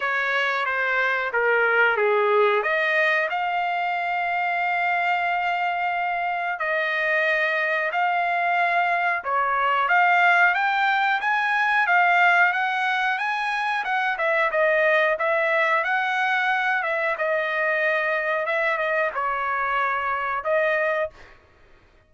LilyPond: \new Staff \with { instrumentName = "trumpet" } { \time 4/4 \tempo 4 = 91 cis''4 c''4 ais'4 gis'4 | dis''4 f''2.~ | f''2 dis''2 | f''2 cis''4 f''4 |
g''4 gis''4 f''4 fis''4 | gis''4 fis''8 e''8 dis''4 e''4 | fis''4. e''8 dis''2 | e''8 dis''8 cis''2 dis''4 | }